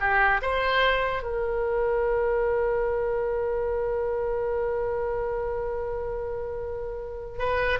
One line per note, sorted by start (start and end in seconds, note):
0.00 0.41 G4
0.42 1.23 C5
1.23 7.39 A#4
7.39 7.80 B4